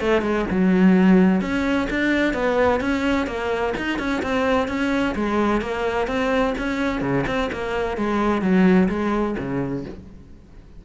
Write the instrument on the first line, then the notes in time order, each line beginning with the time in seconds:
cello
0.00 A3
0.21 G#3
0.50 F#3
1.41 C#4
1.90 D4
2.33 B3
2.80 C#4
3.27 A#3
3.77 D#4
3.98 C#4
4.22 C4
4.68 C#4
5.15 G#3
5.61 A#3
6.07 C4
6.58 C#4
7.01 C#3
7.26 C4
7.52 A#3
7.97 G#3
8.41 F#3
8.89 G#3
9.37 C#3